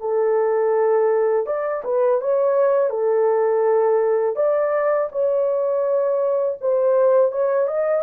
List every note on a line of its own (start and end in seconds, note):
0.00 1.46 A4
1.46 1.83 D5
1.84 2.21 B4
2.21 2.89 C#5
2.89 4.36 A4
4.36 5.09 D5
5.12 6.58 C#5
6.61 7.31 C5
7.31 7.67 C#5
7.67 8.03 D#5